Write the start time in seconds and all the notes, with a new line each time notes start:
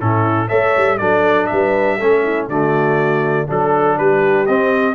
0.00 A2 C#4 E4 A4
0.48 A3 A4 C#5 E5
0.77 G3
0.98 F#3 D4 A4 D5
1.46 G3 E5
1.52 B4
1.98 A3 C#4 A4
2.24 E4
2.48 D3 A3 F#4 D5
3.48 F#3 D4 A4
3.98 G3 G4 B4
4.46 C4 D#5